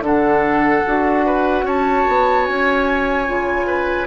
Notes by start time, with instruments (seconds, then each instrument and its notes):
0.00 bassoon D3, clarinet D4, oboe A4, flute F#5
0.86 bassoon D4, clarinet F#4
1.26 oboe B4
1.63 bassoon C#4, oboe C#5, flute A5
2.08 bassoon B3
2.46 bassoon C#4, flute G#5
3.27 bassoon C#3, clarinet F4
3.67 oboe B4